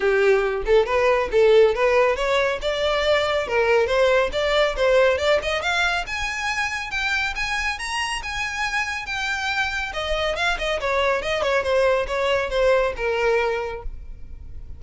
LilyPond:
\new Staff \with { instrumentName = "violin" } { \time 4/4 \tempo 4 = 139 g'4. a'8 b'4 a'4 | b'4 cis''4 d''2 | ais'4 c''4 d''4 c''4 | d''8 dis''8 f''4 gis''2 |
g''4 gis''4 ais''4 gis''4~ | gis''4 g''2 dis''4 | f''8 dis''8 cis''4 dis''8 cis''8 c''4 | cis''4 c''4 ais'2 | }